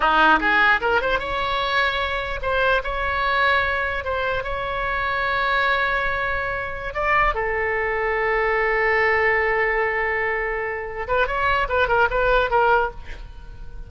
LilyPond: \new Staff \with { instrumentName = "oboe" } { \time 4/4 \tempo 4 = 149 dis'4 gis'4 ais'8 c''8 cis''4~ | cis''2 c''4 cis''4~ | cis''2 c''4 cis''4~ | cis''1~ |
cis''4~ cis''16 d''4 a'4.~ a'16~ | a'1~ | a'2.~ a'8 b'8 | cis''4 b'8 ais'8 b'4 ais'4 | }